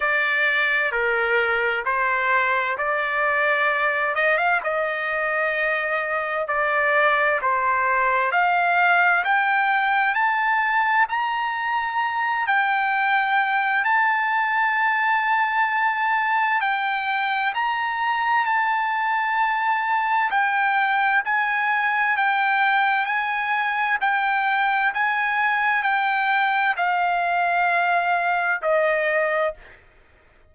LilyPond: \new Staff \with { instrumentName = "trumpet" } { \time 4/4 \tempo 4 = 65 d''4 ais'4 c''4 d''4~ | d''8 dis''16 f''16 dis''2 d''4 | c''4 f''4 g''4 a''4 | ais''4. g''4. a''4~ |
a''2 g''4 ais''4 | a''2 g''4 gis''4 | g''4 gis''4 g''4 gis''4 | g''4 f''2 dis''4 | }